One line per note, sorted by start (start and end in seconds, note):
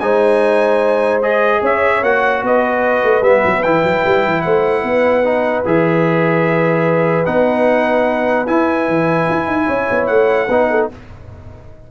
0.00 1.61 G#3
0.00 1.22 D#4
0.00 1.62 C5
0.00 1.21 G#5
1.22 2.03 G#4
1.22 1.62 D#5
1.62 2.02 C#4
1.62 2.42 C#5
1.62 2.04 E5
2.02 2.43 A#3
2.02 3.23 F#4
2.02 2.44 F#5
2.43 3.03 B3
2.43 4.43 B4
2.43 3.23 D#5
3.03 3.21 A3
3.21 3.42 G3
3.21 3.63 B3
3.21 3.63 E5
3.45 3.65 F#3
3.63 3.84 E3
3.63 5.24 E4
3.63 4.42 G5
3.84 4.04 F#3
4.05 4.26 G3
4.26 4.45 E3
4.42 4.83 A3
4.42 4.82 C5
4.42 5.62 F#5
4.82 5.64 B3
4.82 9.66 B4
5.24 5.64 D#4
5.65 7.26 E3
5.65 7.26 G#4
5.65 7.25 E5
7.25 8.48 B3
7.25 8.46 D#4
7.25 8.46 F#5
8.47 10.49 E4
8.47 8.88 E4
8.47 10.06 G#5
8.88 9.28 E3
9.29 9.47 E4
9.47 9.67 D#4
9.67 9.89 C#4
9.67 10.47 C#5
9.90 10.09 B3
10.06 10.48 A3
10.06 10.87 F#5
10.47 10.89 B3
10.47 10.91 D#4
10.47 10.67 B4
10.70 10.91 A4